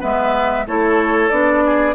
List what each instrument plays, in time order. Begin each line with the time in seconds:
0.00 bassoon G#3, clarinet B3, oboe B4, flute E5
0.67 bassoon A3, clarinet E4, oboe A4, flute C#5
1.30 bassoon B3, clarinet D4, flute D5
1.65 oboe G#4